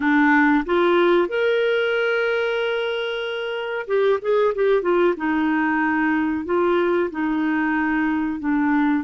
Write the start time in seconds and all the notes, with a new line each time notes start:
0.00 D4
0.65 F4
1.28 A#4
3.87 G4
4.21 G#4
4.54 G4
4.82 F4
5.16 D#4
6.45 F4
7.10 D#4
8.39 D4